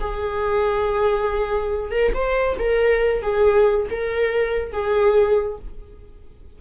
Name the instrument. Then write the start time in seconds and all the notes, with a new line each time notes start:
viola
0.00 G#4
1.91 A#4
2.14 C5
2.59 A#4
3.22 G#4
3.90 A#4
4.72 G#4